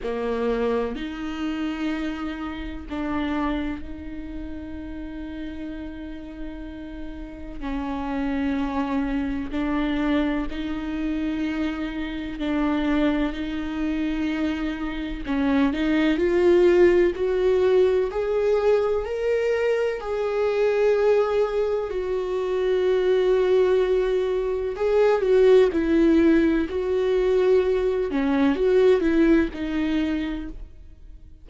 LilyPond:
\new Staff \with { instrumentName = "viola" } { \time 4/4 \tempo 4 = 63 ais4 dis'2 d'4 | dis'1 | cis'2 d'4 dis'4~ | dis'4 d'4 dis'2 |
cis'8 dis'8 f'4 fis'4 gis'4 | ais'4 gis'2 fis'4~ | fis'2 gis'8 fis'8 e'4 | fis'4. cis'8 fis'8 e'8 dis'4 | }